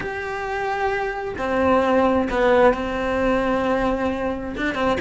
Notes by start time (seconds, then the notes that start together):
0.00 G4
1.38 C4
2.30 B3
2.73 C4
4.56 D4
4.74 C4